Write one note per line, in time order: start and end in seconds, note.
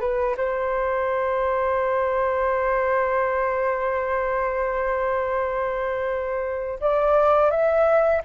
0.00 0.36 B4
0.37 6.80 C5
6.81 7.50 D5
7.50 8.22 E5